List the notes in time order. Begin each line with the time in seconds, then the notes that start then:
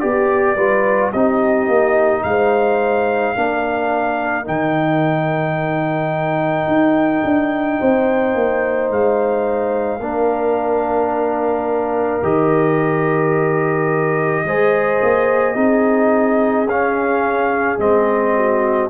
0.00 B3 G4 D5
0.56 G3 F4 B4
1.12 C4 D#4 G4 D#5
1.68 A#3
2.23 G#3 F5
2.29 C5
3.36 A#3 D4 A#4
4.45 D#3 D#4 G5
6.67 D#4
7.24 D4
7.79 C4 C5
8.35 A#3
8.90 G#3 F5
9.99 A#3 D4 A#4
12.23 D#3 G4 D#5
14.45 G#3 G#4 C5
15.02 A#3
15.55 C4 D#4 G#4
16.65 C#4 F5
17.78 G#3 C4 D#5
18.36 F#4